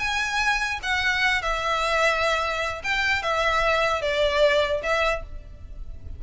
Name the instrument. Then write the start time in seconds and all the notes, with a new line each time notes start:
violin
0.00 G#5
0.83 F#5
1.43 E5
2.84 G5
3.23 E5
4.02 D5
4.83 E5